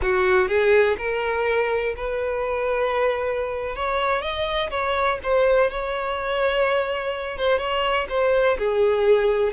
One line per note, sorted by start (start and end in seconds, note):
0.02 0.48 F#4
0.48 0.96 G#4
0.98 1.94 A#4
1.96 3.75 B4
3.75 4.21 C#5
4.21 4.70 D#5
4.70 5.18 C#5
5.23 5.70 C5
5.70 7.37 C#5
7.37 7.58 C5
7.58 8.07 C#5
8.09 8.57 C5
8.58 9.53 G#4